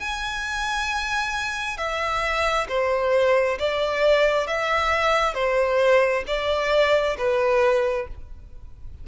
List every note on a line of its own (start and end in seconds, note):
0.00 1.78 G#5
1.78 2.67 E5
2.69 3.59 C5
3.59 4.47 D5
4.47 5.35 E5
5.35 6.24 C5
6.28 7.17 D5
7.18 8.08 B4